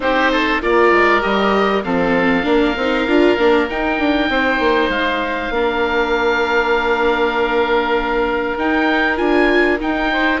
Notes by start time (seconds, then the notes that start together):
0.00 C4 D#4 G4 C5
0.31 A4
0.61 A#3 F4 A#4 D5
0.91 G#3
1.20 G3 G4 D#5
1.84 F3 C4 A4 F5
2.43 A#3 D4 A#4
2.76 C4 D#4
3.07 D4 F4
3.37 A#3 D4
3.69 D#4 G5
3.99 D4
4.29 C4 C5
4.59 A#3
4.88 G#3 F5
5.49 A#3 D4 A#4
8.58 D#4 G5
9.16 D4 F4 G#5
9.80 D#4 G5
10.12 C5